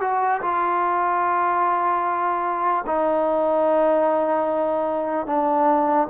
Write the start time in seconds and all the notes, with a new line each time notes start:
0.00 F#4
0.41 F4
2.86 D#4
5.26 D4